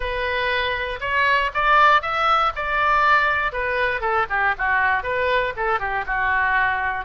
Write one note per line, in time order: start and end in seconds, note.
0.00 0.99 B4
1.00 1.50 C#5
1.54 2.01 D5
2.01 2.52 E5
2.55 3.52 D5
3.52 4.00 B4
4.00 4.25 A4
4.29 4.54 G4
4.58 5.03 F#4
5.03 5.53 B4
5.56 5.79 A4
5.79 6.04 G4
6.06 7.05 F#4